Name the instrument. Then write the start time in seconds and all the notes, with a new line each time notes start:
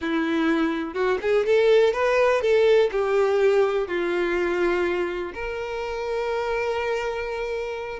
violin
0.01 E4
0.93 F#4
1.21 G#4
1.46 A4
1.93 B4
2.41 A4
2.91 G4
3.87 F4
5.34 A#4